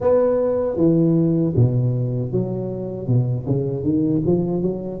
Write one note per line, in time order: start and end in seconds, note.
0.00 0.76 B3
0.76 1.53 E3
1.55 2.31 B2
2.31 3.07 F#3
3.07 3.45 B2
3.46 3.83 C#3
3.83 4.21 D#3
4.26 4.62 F3
4.62 5.00 F#3